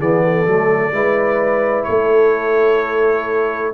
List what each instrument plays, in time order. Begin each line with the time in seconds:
0.00 tuba E3, trombone B3, horn G#4, trumpet D5
0.24 horn A4
0.47 tuba F#3, trombone A3
0.92 tuba G#3, trombone E4, horn B4
1.84 tuba A3, horn A4, trumpet C#5